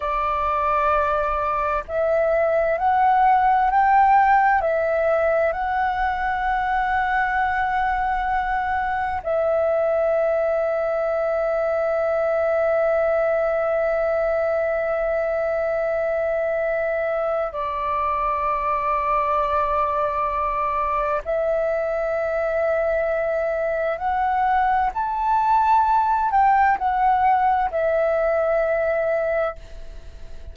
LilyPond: \new Staff \with { instrumentName = "flute" } { \time 4/4 \tempo 4 = 65 d''2 e''4 fis''4 | g''4 e''4 fis''2~ | fis''2 e''2~ | e''1~ |
e''2. d''4~ | d''2. e''4~ | e''2 fis''4 a''4~ | a''8 g''8 fis''4 e''2 | }